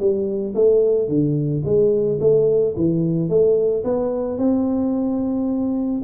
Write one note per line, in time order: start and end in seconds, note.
0.00 0.55 G3
0.55 1.09 A3
1.09 1.63 D3
1.65 2.20 G#3
2.21 2.75 A3
2.77 3.30 E3
3.30 3.84 A3
3.85 4.39 B3
4.39 6.02 C4